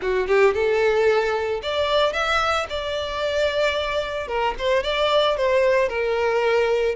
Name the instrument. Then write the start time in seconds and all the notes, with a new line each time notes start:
violin
0.01 F#4
0.27 G4
0.54 A4
1.62 D5
2.12 E5
2.69 D5
4.27 A#4
4.58 C5
4.83 D5
5.36 C5
5.89 A#4